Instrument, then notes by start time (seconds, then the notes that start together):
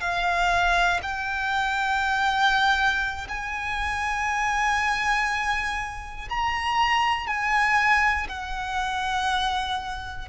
violin
0.00 F5
1.02 G5
3.28 G#5
6.29 A#5
7.27 G#5
8.28 F#5